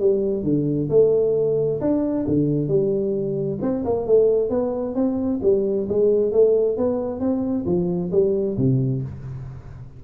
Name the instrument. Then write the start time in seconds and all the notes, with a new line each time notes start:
tuba
0.00 G3
0.43 D3
0.90 A3
1.81 D4
2.28 D3
2.68 G3
3.62 C4
3.85 A#3
4.07 A3
4.50 B3
4.95 C4
5.43 G3
5.89 G#3
6.32 A3
6.77 B3
7.20 C4
7.66 F3
8.12 G3
8.58 C3